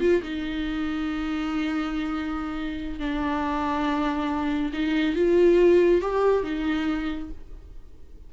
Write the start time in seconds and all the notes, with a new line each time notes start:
0.00 F4
0.22 D#4
2.99 D4
4.73 D#4
5.15 F4
6.01 G4
6.43 D#4